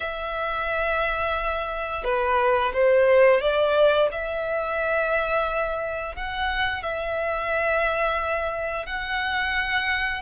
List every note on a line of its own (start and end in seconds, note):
0.00 2.04 E5
2.04 2.72 B4
2.73 3.40 C5
3.40 4.08 D5
4.11 6.15 E5
6.15 6.82 F#5
6.82 8.86 E5
8.86 10.21 F#5